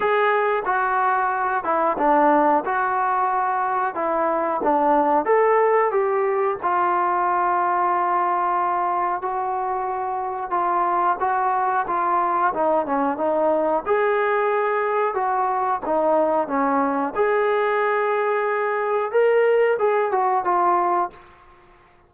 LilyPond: \new Staff \with { instrumentName = "trombone" } { \time 4/4 \tempo 4 = 91 gis'4 fis'4. e'8 d'4 | fis'2 e'4 d'4 | a'4 g'4 f'2~ | f'2 fis'2 |
f'4 fis'4 f'4 dis'8 cis'8 | dis'4 gis'2 fis'4 | dis'4 cis'4 gis'2~ | gis'4 ais'4 gis'8 fis'8 f'4 | }